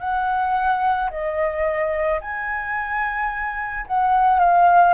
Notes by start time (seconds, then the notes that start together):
0.00 F#5
1.11 D#5
2.21 G#5
3.87 F#5
4.39 F5